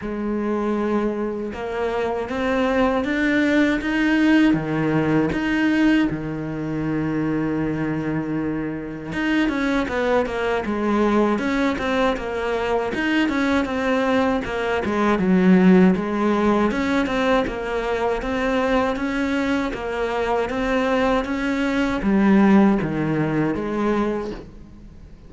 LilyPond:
\new Staff \with { instrumentName = "cello" } { \time 4/4 \tempo 4 = 79 gis2 ais4 c'4 | d'4 dis'4 dis4 dis'4 | dis1 | dis'8 cis'8 b8 ais8 gis4 cis'8 c'8 |
ais4 dis'8 cis'8 c'4 ais8 gis8 | fis4 gis4 cis'8 c'8 ais4 | c'4 cis'4 ais4 c'4 | cis'4 g4 dis4 gis4 | }